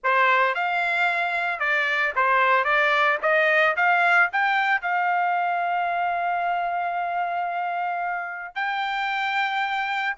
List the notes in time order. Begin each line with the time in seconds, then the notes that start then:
0.03 C5
0.54 F5
1.59 D5
2.15 C5
2.64 D5
3.22 D#5
3.76 F5
4.32 G5
4.81 F5
8.55 G5